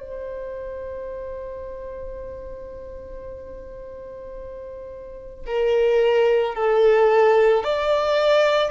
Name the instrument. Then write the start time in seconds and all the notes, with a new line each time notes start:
violin
0.00 C5
5.46 A#4
6.55 A4
7.64 D5